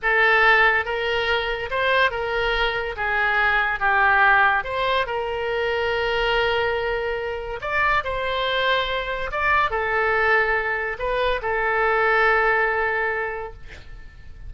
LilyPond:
\new Staff \with { instrumentName = "oboe" } { \time 4/4 \tempo 4 = 142 a'2 ais'2 | c''4 ais'2 gis'4~ | gis'4 g'2 c''4 | ais'1~ |
ais'2 d''4 c''4~ | c''2 d''4 a'4~ | a'2 b'4 a'4~ | a'1 | }